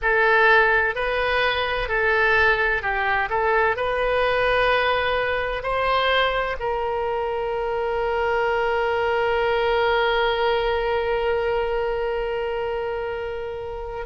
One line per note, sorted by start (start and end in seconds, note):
0.02 0.95 A4
0.95 1.88 B4
1.88 2.82 A4
2.82 3.29 G4
3.29 3.76 A4
3.76 5.62 B4
5.62 6.56 C5
6.59 14.06 A#4